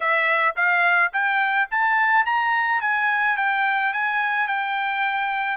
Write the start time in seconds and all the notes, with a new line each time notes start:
0.00 E5
0.56 F5
1.12 G5
1.71 A5
2.25 A#5
2.80 G#5
3.36 G5
3.93 G#5
4.47 G5